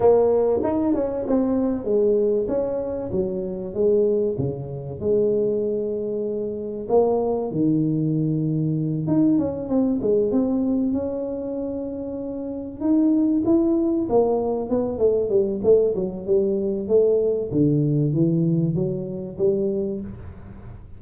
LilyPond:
\new Staff \with { instrumentName = "tuba" } { \time 4/4 \tempo 4 = 96 ais4 dis'8 cis'8 c'4 gis4 | cis'4 fis4 gis4 cis4 | gis2. ais4 | dis2~ dis8 dis'8 cis'8 c'8 |
gis8 c'4 cis'2~ cis'8~ | cis'8 dis'4 e'4 ais4 b8 | a8 g8 a8 fis8 g4 a4 | d4 e4 fis4 g4 | }